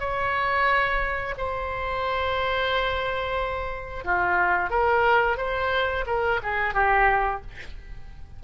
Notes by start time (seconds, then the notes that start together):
0.00 C#5
1.38 C5
4.04 F4
4.70 A#4
5.37 C5
6.07 A#4
6.43 G#4
6.74 G4